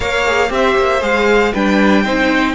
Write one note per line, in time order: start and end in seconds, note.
0.00 0.49 A#3
0.00 0.22 A#4
0.00 0.50 C#5
0.00 0.51 F5
0.26 0.49 G#4
0.49 0.75 C4
0.49 1.00 G4
0.49 1.02 E5
0.56 1.52 C5
0.76 1.01 A#3
1.00 1.53 G#3
1.00 1.52 G#4
1.00 1.54 F5
1.52 2.05 G3
1.52 2.05 D4
1.52 2.02 B4
1.52 2.55 G5
2.02 2.55 C4
2.02 2.55 D#4
2.02 2.54 C5